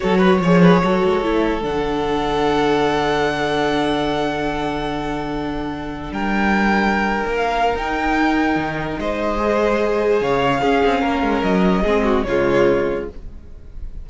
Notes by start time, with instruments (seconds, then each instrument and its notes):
0.00 cello F#3, viola F#4, violin A4 C#5
0.18 violin B4
0.40 cello F3, viola G#4, violin C#5
0.61 violin B4
0.82 cello F#3, viola F#4, violin A4
1.05 cello G#3
1.23 cello A3, viola E4
1.61 cello D3, viola D4, violin F#5
6.11 cello G3, violin A#4 G5
7.26 cello A#3
7.36 violin F5
7.74 cello D#4, viola D#4, violin G5
8.55 cello D#3
8.99 cello G#3, violin C5 D#5
9.38 viola G#4
10.20 cello C#3, violin C#5 F5
10.61 viola C#4, cello C#4, violin G#4
10.83 cello C4
11.01 cello A#3, violin A#4
11.22 cello G#3
11.43 cello F#3, violin D#5
11.82 cello G#3, viola C4, violin G#4
12.03 violin F#4
12.23 cello C#3, viola G#3, violin F4 C#5